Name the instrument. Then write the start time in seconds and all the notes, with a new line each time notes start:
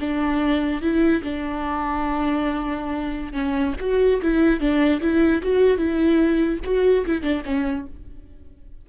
viola
0.00 D4
0.82 E4
1.23 D4
3.33 C#4
3.80 F#4
4.22 E4
4.60 D4
5.01 E4
5.42 F#4
5.78 E4
6.64 F#4
7.06 E4
7.22 D4
7.45 C#4